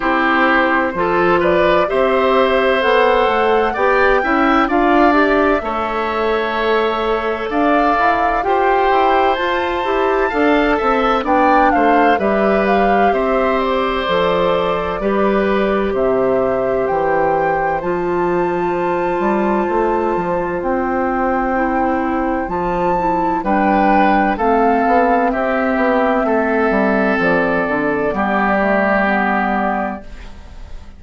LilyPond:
<<
  \new Staff \with { instrumentName = "flute" } { \time 4/4 \tempo 4 = 64 c''4. d''8 e''4 fis''4 | g''4 f''8 e''2~ e''8 | f''4 g''4 a''2 | g''8 f''8 e''8 f''8 e''8 d''4.~ |
d''4 e''4 g''4 a''4~ | a''2 g''2 | a''4 g''4 f''4 e''4~ | e''4 d''2. | }
  \new Staff \with { instrumentName = "oboe" } { \time 4/4 g'4 a'8 b'8 c''2 | d''8 e''8 d''4 cis''2 | d''4 c''2 f''8 e''8 | d''8 c''8 b'4 c''2 |
b'4 c''2.~ | c''1~ | c''4 b'4 a'4 g'4 | a'2 g'2 | }
  \new Staff \with { instrumentName = "clarinet" } { \time 4/4 e'4 f'4 g'4 a'4 | g'8 e'8 f'8 g'8 a'2~ | a'4 g'4 f'8 g'8 a'4 | d'4 g'2 a'4 |
g'2. f'4~ | f'2. e'4 | f'8 e'8 d'4 c'2~ | c'2 b8 a8 b4 | }
  \new Staff \with { instrumentName = "bassoon" } { \time 4/4 c'4 f4 c'4 b8 a8 | b8 cis'8 d'4 a2 | d'8 e'8 f'8 e'8 f'8 e'8 d'8 c'8 | b8 a8 g4 c'4 f4 |
g4 c4 e4 f4~ | f8 g8 a8 f8 c'2 | f4 g4 a8 b8 c'8 b8 | a8 g8 f8 d8 g2 | }
>>